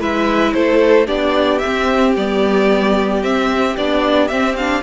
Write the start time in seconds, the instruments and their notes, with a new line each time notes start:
0.00 cello G#3, viola E4, violin B4 E5
0.53 cello A3, violin A4 C5
1.07 cello B3, viola D4, violin G4 D5
1.58 viola C4, violin E5
1.67 cello C4
2.16 cello G3, viola B3, violin D5
3.23 viola C4, cello C4, violin E5
3.77 cello B3, viola D4, violin D5
4.28 viola C4, cello C4, violin E5
4.57 viola D4, violin F5